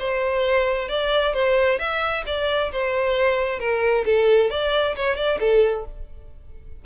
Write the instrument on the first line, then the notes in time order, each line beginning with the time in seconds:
violin
0.00 C5
0.89 D5
1.34 C5
1.79 E5
2.27 D5
2.72 C5
3.60 A#4
4.06 A4
4.51 D5
4.96 C#5
5.17 D5
5.40 A4